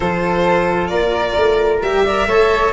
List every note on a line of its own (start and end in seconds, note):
0.00 0.90 F3
0.00 1.83 F4
0.00 0.90 A4
0.00 0.87 C5
0.87 1.35 A#3
0.87 2.03 A#4
0.87 1.78 D5
1.37 1.82 A3
1.82 2.26 G3
1.82 2.06 G4
1.82 2.72 E5
2.04 2.29 A#4
2.04 2.27 D5
2.26 2.72 A3
2.26 2.72 A4
2.26 2.72 C#5